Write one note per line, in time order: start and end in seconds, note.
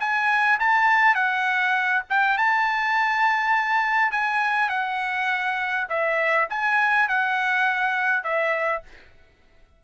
0.00 0.59 G#5
0.60 1.15 A5
1.15 2.03 F#5
2.10 2.38 G5
2.38 4.11 A5
4.11 4.69 G#5
4.69 5.87 F#5
5.89 6.48 E5
6.49 7.08 G#5
7.08 8.24 F#5
8.24 8.82 E5